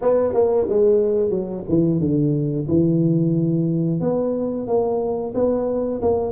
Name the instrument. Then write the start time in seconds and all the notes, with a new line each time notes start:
tuba
0.01 B3
0.33 A#3
0.69 G#3
1.30 F#3
1.68 E3
2.00 D3
2.68 E3
4.00 B3
4.67 A#3
5.34 B3
6.01 A#3